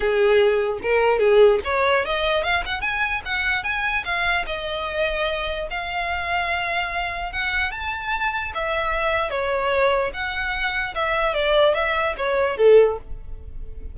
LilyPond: \new Staff \with { instrumentName = "violin" } { \time 4/4 \tempo 4 = 148 gis'2 ais'4 gis'4 | cis''4 dis''4 f''8 fis''8 gis''4 | fis''4 gis''4 f''4 dis''4~ | dis''2 f''2~ |
f''2 fis''4 a''4~ | a''4 e''2 cis''4~ | cis''4 fis''2 e''4 | d''4 e''4 cis''4 a'4 | }